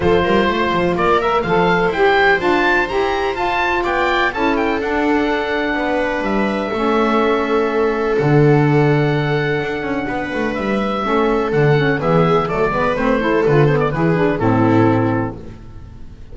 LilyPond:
<<
  \new Staff \with { instrumentName = "oboe" } { \time 4/4 \tempo 4 = 125 c''2 d''8 e''8 f''4 | g''4 a''4 ais''4 a''4 | g''4 a''8 g''8 fis''2~ | fis''4 e''2.~ |
e''4 fis''2.~ | fis''2 e''2 | fis''4 e''4 d''4 c''4 | b'8 c''16 d''16 b'4 a'2 | }
  \new Staff \with { instrumentName = "viola" } { \time 4/4 a'8 ais'8 c''4 ais'4 c''4~ | c''1 | d''4 a'2. | b'2 a'2~ |
a'1~ | a'4 b'2 a'4~ | a'4 gis'4 a'8 b'4 a'8~ | a'4 gis'4 e'2 | }
  \new Staff \with { instrumentName = "saxophone" } { \time 4/4 f'2~ f'8 ais'8 a'4 | g'4 f'4 g'4 f'4~ | f'4 e'4 d'2~ | d'2 cis'2~ |
cis'4 d'2.~ | d'2. cis'4 | d'8 cis'8 b4 a8 b8 c'8 e'8 | f'8 b8 e'8 d'8 c'2 | }
  \new Staff \with { instrumentName = "double bass" } { \time 4/4 f8 g8 a8 f8 ais4 f4 | e'4 d'4 e'4 f'4 | b4 cis'4 d'2 | b4 g4 a2~ |
a4 d2. | d'8 cis'8 b8 a8 g4 a4 | d4 e4 fis8 gis8 a4 | d4 e4 a,2 | }
>>